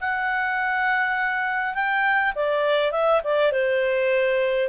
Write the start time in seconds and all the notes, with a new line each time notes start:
0.00 F#5
1.74 G5
2.35 D5
2.91 E5
3.24 D5
3.52 C5